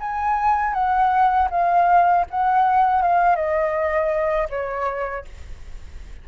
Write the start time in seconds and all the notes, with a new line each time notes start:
0.00 G#5
0.73 F#5
1.50 F5
2.30 F#5
3.02 F5
3.35 D#5
4.50 C#5